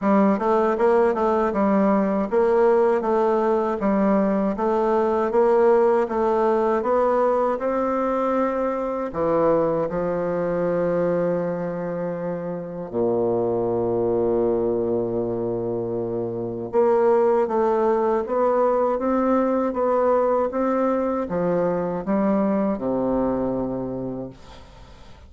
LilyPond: \new Staff \with { instrumentName = "bassoon" } { \time 4/4 \tempo 4 = 79 g8 a8 ais8 a8 g4 ais4 | a4 g4 a4 ais4 | a4 b4 c'2 | e4 f2.~ |
f4 ais,2.~ | ais,2 ais4 a4 | b4 c'4 b4 c'4 | f4 g4 c2 | }